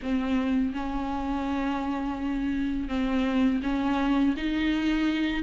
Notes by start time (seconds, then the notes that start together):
0.02 C4
0.73 C#4
2.88 C4
3.62 C#4
4.36 D#4